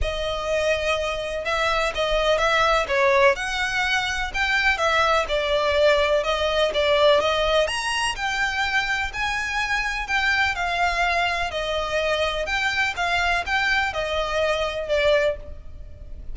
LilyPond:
\new Staff \with { instrumentName = "violin" } { \time 4/4 \tempo 4 = 125 dis''2. e''4 | dis''4 e''4 cis''4 fis''4~ | fis''4 g''4 e''4 d''4~ | d''4 dis''4 d''4 dis''4 |
ais''4 g''2 gis''4~ | gis''4 g''4 f''2 | dis''2 g''4 f''4 | g''4 dis''2 d''4 | }